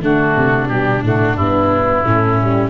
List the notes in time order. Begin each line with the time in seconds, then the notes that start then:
0.00 D3 A3 D4 F#4
0.36 C3
0.68 B2 G3 G4
1.02 A2 A3 F#4
1.35 G2 B3 E4
2.04 A2 A3 C#4
2.41 G3